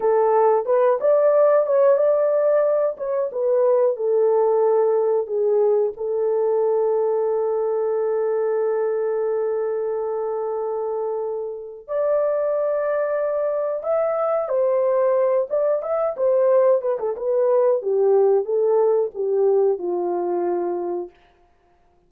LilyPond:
\new Staff \with { instrumentName = "horn" } { \time 4/4 \tempo 4 = 91 a'4 b'8 d''4 cis''8 d''4~ | d''8 cis''8 b'4 a'2 | gis'4 a'2.~ | a'1~ |
a'2 d''2~ | d''4 e''4 c''4. d''8 | e''8 c''4 b'16 a'16 b'4 g'4 | a'4 g'4 f'2 | }